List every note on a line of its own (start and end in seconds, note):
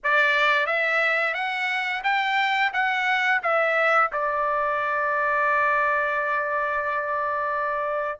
0.03 0.66 D5
0.66 1.34 E5
1.34 2.02 F#5
2.03 2.71 G5
2.73 3.41 F#5
3.42 4.11 E5
4.12 8.19 D5